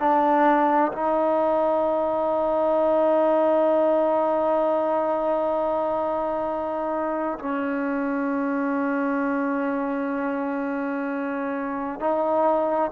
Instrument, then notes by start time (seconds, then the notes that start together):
trombone
0.00 D4
0.93 D#4
7.39 C#4
12.00 D#4